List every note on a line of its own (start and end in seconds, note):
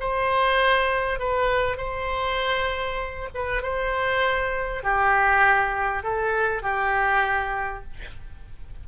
0.00 1.19 C5
1.19 1.77 B4
1.77 3.29 C5
3.34 3.63 B4
3.63 4.83 C5
4.83 6.04 G4
6.04 6.63 A4
6.63 7.84 G4